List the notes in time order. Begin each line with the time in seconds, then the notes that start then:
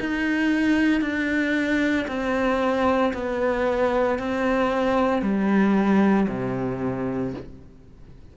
0.00 D#4
1.00 D4
2.07 C4
3.13 B3
4.19 C4
5.22 G3
6.28 C3